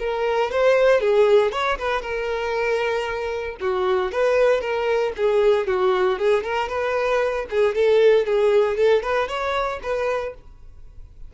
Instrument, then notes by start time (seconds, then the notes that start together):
violin
0.00 A#4
0.52 C5
1.01 G#4
1.52 C#5
1.79 B4
2.02 A#4
3.61 F#4
4.12 B4
4.61 A#4
5.17 G#4
5.68 F#4
6.19 G#4
6.44 A#4
6.69 B4
7.51 G#4
7.75 A4
8.26 G#4
8.77 A4
9.03 B4
9.29 C#5
9.83 B4